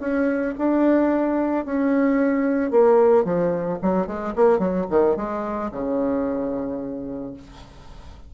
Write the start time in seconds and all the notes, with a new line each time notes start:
0.00 C#4
0.58 D4
1.65 C#4
2.71 A#3
3.24 F3
3.82 F#3
4.06 G#3
4.35 A#3
4.58 F#3
4.90 D#3
5.16 G#3
5.71 C#3